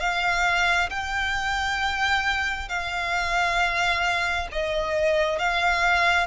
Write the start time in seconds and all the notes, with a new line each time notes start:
0.00 F5
0.90 G5
2.69 F5
4.52 D#5
5.39 F5